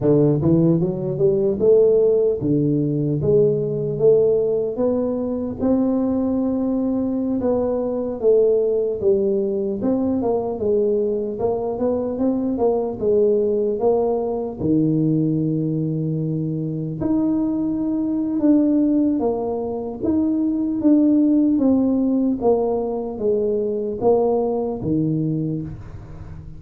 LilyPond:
\new Staff \with { instrumentName = "tuba" } { \time 4/4 \tempo 4 = 75 d8 e8 fis8 g8 a4 d4 | gis4 a4 b4 c'4~ | c'4~ c'16 b4 a4 g8.~ | g16 c'8 ais8 gis4 ais8 b8 c'8 ais16~ |
ais16 gis4 ais4 dis4.~ dis16~ | dis4~ dis16 dis'4.~ dis'16 d'4 | ais4 dis'4 d'4 c'4 | ais4 gis4 ais4 dis4 | }